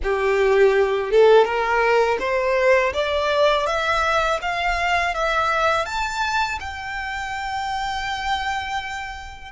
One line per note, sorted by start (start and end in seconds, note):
0.03 1.11 G4
1.11 1.44 A4
1.44 2.18 A#4
2.19 2.92 C5
2.93 3.66 D5
3.66 4.39 E5
4.41 5.14 F5
5.14 5.85 E5
5.85 6.58 A5
6.60 9.51 G5